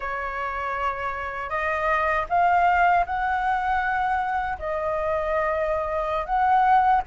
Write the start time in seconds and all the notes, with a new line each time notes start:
0.00 C#5
1.49 D#5
2.29 F5
3.06 F#5
4.58 D#5
6.25 F#5